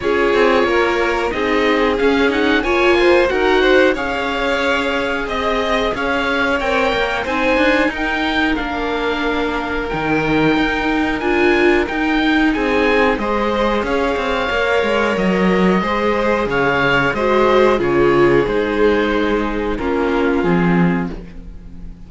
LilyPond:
<<
  \new Staff \with { instrumentName = "oboe" } { \time 4/4 \tempo 4 = 91 cis''2 dis''4 f''8 fis''8 | gis''4 fis''4 f''2 | dis''4 f''4 g''4 gis''4 | g''4 f''2 g''4~ |
g''4 gis''4 g''4 gis''4 | dis''4 f''2 dis''4~ | dis''4 f''4 dis''4 cis''4 | c''2 ais'4 gis'4 | }
  \new Staff \with { instrumentName = "violin" } { \time 4/4 gis'4 ais'4 gis'2 | cis''8 c''8 ais'8 c''8 cis''2 | dis''4 cis''2 c''4 | ais'1~ |
ais'2. gis'4 | c''4 cis''2. | c''4 cis''4 c''4 gis'4~ | gis'2 f'2 | }
  \new Staff \with { instrumentName = "viola" } { \time 4/4 f'2 dis'4 cis'8 dis'8 | f'4 fis'4 gis'2~ | gis'2 ais'4 dis'4~ | dis'4 d'2 dis'4~ |
dis'4 f'4 dis'2 | gis'2 ais'2 | gis'2 fis'4 f'4 | dis'2 cis'4 c'4 | }
  \new Staff \with { instrumentName = "cello" } { \time 4/4 cis'8 c'8 ais4 c'4 cis'4 | ais4 dis'4 cis'2 | c'4 cis'4 c'8 ais8 c'8 d'8 | dis'4 ais2 dis4 |
dis'4 d'4 dis'4 c'4 | gis4 cis'8 c'8 ais8 gis8 fis4 | gis4 cis4 gis4 cis4 | gis2 ais4 f4 | }
>>